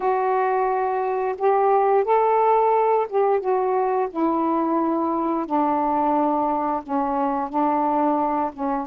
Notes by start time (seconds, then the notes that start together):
0.00 F#4
1.38 G4
2.04 A4
3.09 G4
3.40 F#4
4.10 E4
5.45 D4
6.82 C#4
7.49 D4
8.53 C#4